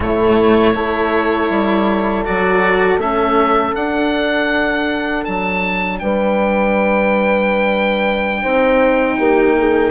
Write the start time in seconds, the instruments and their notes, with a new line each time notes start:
0.00 bassoon A2, cello A3, horn E4, oboe C#5
0.74 bassoon A3, cello E4, horn A4
1.50 bassoon G3
2.24 bassoon F#3, cello F#4, oboe D5
2.97 bassoon A3, cello C#4, oboe E5
3.75 cello D4, bassoon D4, oboe F#5
5.24 bassoon F#3, oboe A5
5.99 bassoon G3, horn B4, oboe G5
8.42 bassoon C4, cello D#4, horn C5
9.18 bassoon A#3, horn G4
9.58 horn G#4